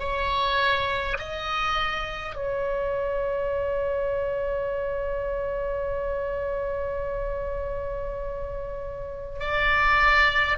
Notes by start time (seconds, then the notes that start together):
0.00 C#5
1.19 D#5
2.36 C#5
9.40 D5